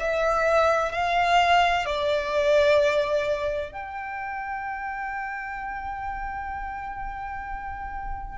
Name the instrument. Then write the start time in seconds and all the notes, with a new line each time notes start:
violin
0.00 E5
0.92 F5
1.86 D5
3.72 G5